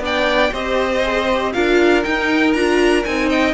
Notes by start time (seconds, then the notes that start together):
0.00 B3 D4 D5 G5
0.52 C4 G4 C5 D#5
1.04 G#4
1.33 G4
1.53 D4 F4 A#4 F5
2.04 D#4 G5
2.53 D4 F4 A#5
3.05 C4 D#4 G#5
3.30 D#5 G5